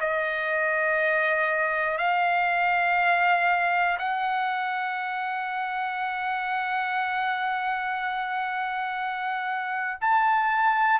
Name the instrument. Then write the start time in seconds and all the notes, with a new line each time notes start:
trumpet
0.00 D#5
1.98 F5
3.99 F#5
10.00 A5